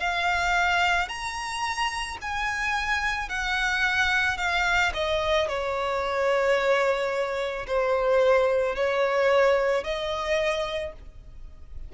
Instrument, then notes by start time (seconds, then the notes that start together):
violin
0.00 F5
1.09 A#5
2.22 G#5
3.29 F#5
4.38 F5
4.94 D#5
5.48 C#5
7.67 C5
8.76 C#5
9.84 D#5